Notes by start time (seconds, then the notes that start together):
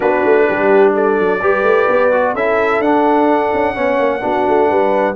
0.00 B3 D4 F#4 B4
0.24 A3
0.48 G3 G4
0.94 A4 D5
1.19 F#3
1.41 G3 G4 B4
1.63 A3
1.88 B3
2.12 F#4
2.33 C#4 E4 A4 E5
2.79 D4 F#5
3.53 C#4
3.73 B3 C#4 C#5
3.99 A#3
4.20 B3 D4 F#4
4.48 A3
4.68 G3 B4